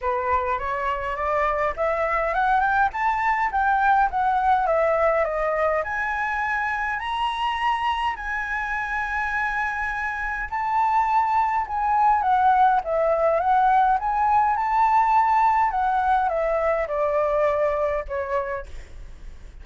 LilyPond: \new Staff \with { instrumentName = "flute" } { \time 4/4 \tempo 4 = 103 b'4 cis''4 d''4 e''4 | fis''8 g''8 a''4 g''4 fis''4 | e''4 dis''4 gis''2 | ais''2 gis''2~ |
gis''2 a''2 | gis''4 fis''4 e''4 fis''4 | gis''4 a''2 fis''4 | e''4 d''2 cis''4 | }